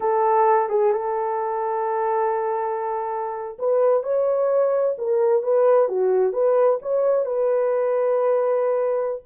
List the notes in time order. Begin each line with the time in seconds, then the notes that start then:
0.00 A4
0.69 G#4
0.92 A4
3.59 B4
4.03 C#5
4.98 A#4
5.42 B4
5.88 F#4
6.33 B4
6.81 C#5
7.25 B4